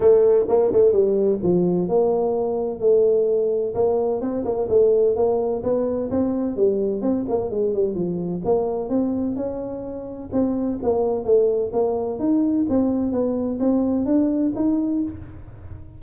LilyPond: \new Staff \with { instrumentName = "tuba" } { \time 4/4 \tempo 4 = 128 a4 ais8 a8 g4 f4 | ais2 a2 | ais4 c'8 ais8 a4 ais4 | b4 c'4 g4 c'8 ais8 |
gis8 g8 f4 ais4 c'4 | cis'2 c'4 ais4 | a4 ais4 dis'4 c'4 | b4 c'4 d'4 dis'4 | }